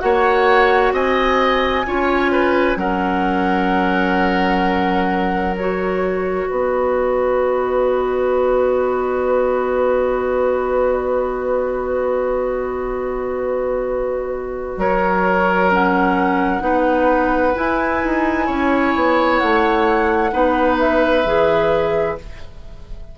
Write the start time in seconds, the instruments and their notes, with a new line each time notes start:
0.00 bassoon A#3, clarinet F#4, oboe C#5, flute F#5
0.92 bassoon C4, oboe D#5, flute G#5
1.87 bassoon C#4, clarinet F4, oboe C#5
2.32 oboe B4
2.76 bassoon F#3, clarinet C#4, oboe A#4, flute F#5
5.57 clarinet F#4, flute C#5
6.48 bassoon B3, oboe B4, flute D#5
14.77 bassoon F#3, oboe A#4, flute C#5
15.72 clarinet C#4, flute F#5
16.61 bassoon B3, clarinet D#4, oboe B4
17.55 clarinet E4, bassoon E4, flute G#5
18.04 bassoon D#4
18.47 bassoon C#4, oboe C#5
18.95 bassoon B3
19.38 bassoon A3, flute F#5
20.32 bassoon B3, clarinet D#4, oboe B4
20.80 flute E5
21.25 bassoon E3, clarinet G#4